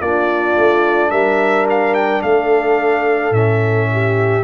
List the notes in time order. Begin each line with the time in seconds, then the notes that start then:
0.00 A#3 D4 F4 D5
0.57 A3
1.11 G3 A#4 E5
1.70 F5
1.94 G5
2.22 A3 A4 F5
3.31 A2 C#4 E5
3.92 G4